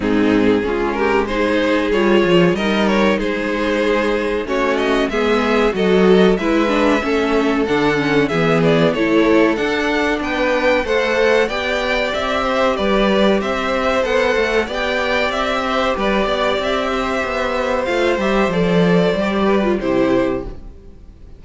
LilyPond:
<<
  \new Staff \with { instrumentName = "violin" } { \time 4/4 \tempo 4 = 94 gis'4. ais'8 c''4 cis''4 | dis''8 cis''8 c''2 cis''8 dis''8 | e''4 dis''4 e''2 | fis''4 e''8 d''8 cis''4 fis''4 |
g''4 fis''4 g''4 e''4 | d''4 e''4 fis''4 g''4 | e''4 d''4 e''2 | f''8 e''8 d''2 c''4 | }
  \new Staff \with { instrumentName = "violin" } { \time 4/4 dis'4 f'8 g'8 gis'2 | ais'4 gis'2 fis'4 | gis'4 a'4 b'4 a'4~ | a'4 gis'4 a'2 |
b'4 c''4 d''4. c''8 | b'4 c''2 d''4~ | d''8 c''8 b'8 d''4 c''4.~ | c''2~ c''8 b'8 g'4 | }
  \new Staff \with { instrumentName = "viola" } { \time 4/4 c'4 cis'4 dis'4 f'4 | dis'2. cis'4 | b4 fis'4 e'8 d'8 cis'4 | d'8 cis'8 b4 e'4 d'4~ |
d'4 a'4 g'2~ | g'2 a'4 g'4~ | g'1 | f'8 g'8 a'4 g'8. f'16 e'4 | }
  \new Staff \with { instrumentName = "cello" } { \time 4/4 gis,4 gis2 g8 f8 | g4 gis2 a4 | gis4 fis4 gis4 a4 | d4 e4 a4 d'4 |
b4 a4 b4 c'4 | g4 c'4 b8 a8 b4 | c'4 g8 b8 c'4 b4 | a8 g8 f4 g4 c4 | }
>>